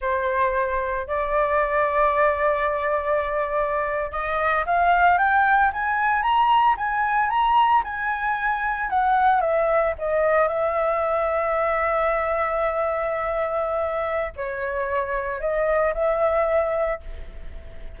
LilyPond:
\new Staff \with { instrumentName = "flute" } { \time 4/4 \tempo 4 = 113 c''2 d''2~ | d''2.~ d''8. dis''16~ | dis''8. f''4 g''4 gis''4 ais''16~ | ais''8. gis''4 ais''4 gis''4~ gis''16~ |
gis''8. fis''4 e''4 dis''4 e''16~ | e''1~ | e''2. cis''4~ | cis''4 dis''4 e''2 | }